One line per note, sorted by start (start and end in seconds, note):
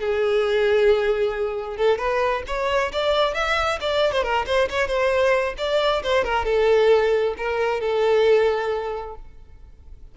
0.00 1.77 G#4
1.77 1.98 A4
1.98 2.43 B4
2.47 2.91 C#5
2.92 3.34 D5
3.34 3.79 E5
3.80 4.12 D5
4.12 4.23 C5
4.23 4.45 A#4
4.46 4.68 C5
4.70 4.87 C#5
4.87 5.54 C5
5.58 6.02 D5
6.02 6.24 C5
6.24 6.45 A#4
6.45 7.34 A4
7.37 7.80 A#4
7.80 9.14 A4